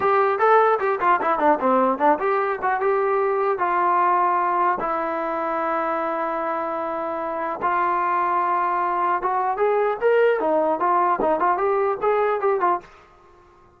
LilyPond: \new Staff \with { instrumentName = "trombone" } { \time 4/4 \tempo 4 = 150 g'4 a'4 g'8 f'8 e'8 d'8 | c'4 d'8 g'4 fis'8 g'4~ | g'4 f'2. | e'1~ |
e'2. f'4~ | f'2. fis'4 | gis'4 ais'4 dis'4 f'4 | dis'8 f'8 g'4 gis'4 g'8 f'8 | }